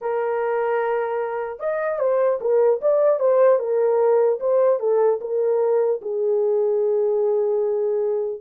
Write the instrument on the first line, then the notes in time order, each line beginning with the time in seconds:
horn
0.01 A#4
1.59 D#5
1.99 C5
2.40 A#4
2.81 D5
3.19 C5
3.59 A#4
4.40 C5
4.79 A4
5.20 A#4
6.01 G#4